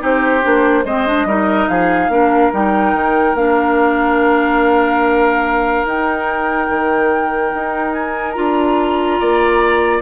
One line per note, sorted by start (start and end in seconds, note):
0.00 0.44 C4
0.00 0.42 D#4
0.00 0.85 G4
0.00 0.86 C5
0.43 0.85 A#3
0.43 0.85 D4
0.85 1.26 G#3
0.85 1.07 C4
0.85 1.27 C5
0.85 1.69 D#5
1.07 1.28 D4
1.26 1.67 G3
1.26 2.11 D#4
1.26 1.70 A#4
1.69 2.09 F3
1.69 2.12 G#4
1.69 2.52 F5
2.09 2.51 A#3
2.09 2.53 D4
2.09 9.20 A#4
2.53 2.94 G3
2.53 3.37 D#4
2.53 3.36 G5
2.94 3.35 D#3
3.35 5.85 A#3
3.35 5.87 D4
3.35 5.86 F5
5.85 6.69 D#4
5.85 8.36 D#4
5.85 7.94 G5
6.70 7.53 D#3
7.55 8.38 D#4
7.94 8.32 G#5
8.32 9.21 D4
8.32 10.02 F4
8.32 9.99 A#5
9.20 10.02 A#3
9.20 10.02 D5